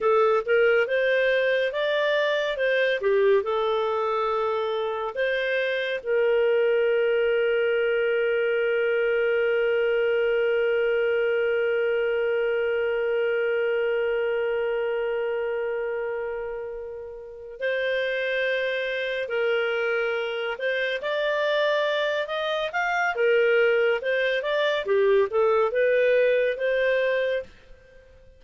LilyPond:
\new Staff \with { instrumentName = "clarinet" } { \time 4/4 \tempo 4 = 70 a'8 ais'8 c''4 d''4 c''8 g'8 | a'2 c''4 ais'4~ | ais'1~ | ais'1~ |
ais'1~ | ais'8 c''2 ais'4. | c''8 d''4. dis''8 f''8 ais'4 | c''8 d''8 g'8 a'8 b'4 c''4 | }